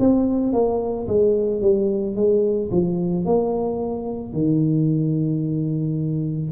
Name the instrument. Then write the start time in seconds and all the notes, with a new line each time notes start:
tuba
0.00 C4
0.53 A#3
1.08 G#3
1.62 G3
2.16 G#3
2.71 F3
3.25 A#3
4.33 D#3